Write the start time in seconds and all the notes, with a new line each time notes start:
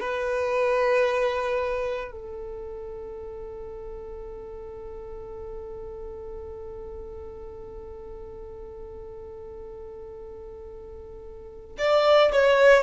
0.00 B4
2.11 A4
11.79 D5
12.32 C#5